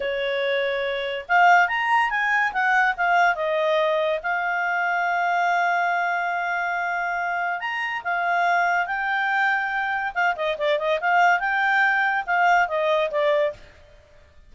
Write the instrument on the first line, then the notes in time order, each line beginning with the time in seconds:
clarinet
0.00 C#5
1.28 F5
1.68 A#5
2.10 G#5
2.52 F#5
2.96 F5
3.35 D#5
4.23 F5
7.60 A#5
8.04 F5
8.86 G5
10.14 F5
10.36 D#5
10.58 D5
10.78 D#5
11.00 F5
11.39 G5
12.26 F5
12.68 D#5
13.10 D5